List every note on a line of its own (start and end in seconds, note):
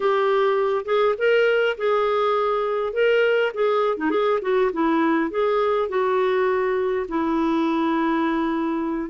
0.00 0.85 G4
0.85 1.14 G#4
1.17 1.76 A#4
1.77 2.93 G#4
2.93 3.52 A#4
3.53 3.97 G#4
3.97 4.10 D#4
4.10 4.39 G#4
4.41 4.71 F#4
4.72 5.30 E4
5.30 5.88 G#4
5.88 7.06 F#4
7.08 9.10 E4